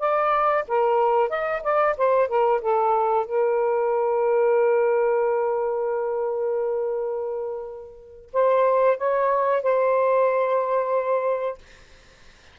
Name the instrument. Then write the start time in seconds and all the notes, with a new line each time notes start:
saxophone
0.00 D5
0.68 A#4
1.30 D#5
1.63 D5
1.98 C5
2.29 A#4
2.62 A4
3.26 A#4
8.33 C5
8.98 C#5
9.63 C5